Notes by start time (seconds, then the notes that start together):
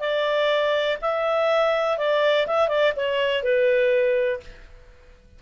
0.00 D5
1.02 E5
1.98 D5
2.47 E5
2.68 D5
2.96 C#5
3.43 B4